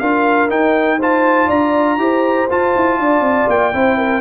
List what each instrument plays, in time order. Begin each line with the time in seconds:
0.00 tuba D4, trombone F4, horn A#4, trumpet F5
0.49 trombone D#4, tuba D#4, trumpet G5
0.99 trombone F4, horn C5, trumpet A5
1.48 tuba D4, horn D5, trumpet A#5
1.98 tuba E4, trombone G4, horn C5
2.50 trombone F4, tuba F4, trumpet A5
2.76 tuba E4
2.99 tuba D4, horn D5
3.21 tuba C4
3.48 tuba A#3, trumpet G5
3.73 tuba C4, trombone E4, horn C5
3.98 horn A#4